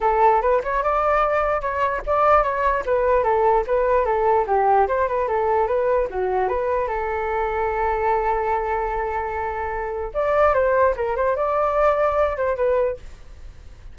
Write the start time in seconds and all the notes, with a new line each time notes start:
0.01 A4
0.41 B4
0.63 C#5
0.83 D5
1.61 C#5
2.06 D5
2.43 C#5
2.85 B4
3.23 A4
3.66 B4
4.05 A4
4.46 G4
4.87 C5
5.08 B4
5.28 A4
5.67 B4
6.10 F#4
6.48 B4
6.87 A4
10.14 D5
10.54 C5
10.96 A#4
11.16 C5
11.36 D5
12.36 C5
12.56 B4